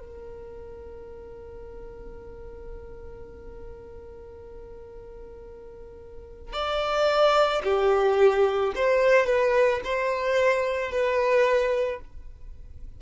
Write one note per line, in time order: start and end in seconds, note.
0.00 6.53 A#4
6.53 7.62 D5
7.64 8.73 G4
8.76 9.26 C5
9.26 9.81 B4
9.84 10.91 C5
10.91 12.00 B4